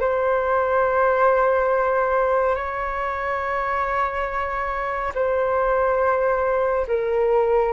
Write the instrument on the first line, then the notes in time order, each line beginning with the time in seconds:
flute
0.00 C5
2.56 C#5
5.15 C5
6.87 A#4